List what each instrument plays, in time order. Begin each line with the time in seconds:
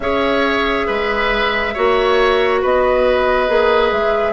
0.00 bassoon C#4, clarinet G#4, oboe C#5, flute E5
0.87 bassoon G#3, oboe B4
1.74 bassoon A#3, clarinet F#4, oboe C#5
2.61 bassoon B3, oboe B4, flute D#5
3.48 bassoon A#3, clarinet G#4
3.91 bassoon G#3, flute E5